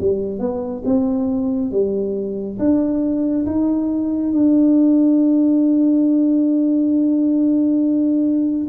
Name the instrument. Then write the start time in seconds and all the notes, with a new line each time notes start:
tuba
0.00 G3
0.39 B3
0.85 C4
1.71 G3
2.58 D4
3.45 D#4
4.32 D4